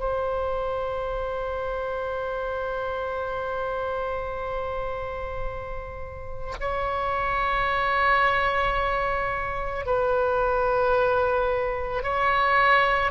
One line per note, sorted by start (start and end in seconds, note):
0.00 6.55 C5
6.60 9.86 C#5
9.86 12.03 B4
12.03 13.12 C#5